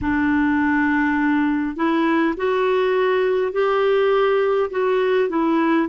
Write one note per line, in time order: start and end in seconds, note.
0.01 1.75 D4
1.75 2.34 E4
2.36 3.52 F#4
3.52 4.70 G4
4.70 5.29 F#4
5.29 5.88 E4